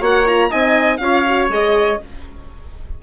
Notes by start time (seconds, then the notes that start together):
0.00 A#3 F#4 C#5 F#5
0.26 F4 A#5
0.50 C4 D#4 D#5 G#5
0.98 C#4 F4 C#5 F5
1.27 F#4
1.49 G#3 G#4 D#5